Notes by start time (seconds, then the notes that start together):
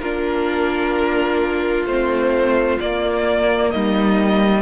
0.00 A#3 D4 F4 A#4
1.86 A3 C4 C5
2.80 A#3 D5
3.71 G3 D#4 D#5